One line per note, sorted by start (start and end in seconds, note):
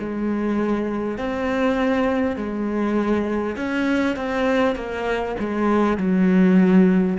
0.00 1.18 G#3
1.18 2.37 C4
2.37 3.57 G#3
3.57 4.17 C#4
4.17 4.76 C4
4.76 5.36 A#3
5.40 5.98 G#3
5.98 7.18 F#3